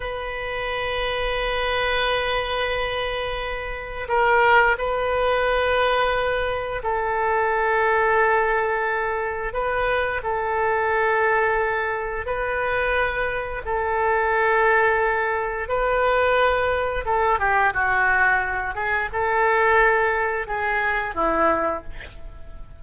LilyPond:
\new Staff \with { instrumentName = "oboe" } { \time 4/4 \tempo 4 = 88 b'1~ | b'2 ais'4 b'4~ | b'2 a'2~ | a'2 b'4 a'4~ |
a'2 b'2 | a'2. b'4~ | b'4 a'8 g'8 fis'4. gis'8 | a'2 gis'4 e'4 | }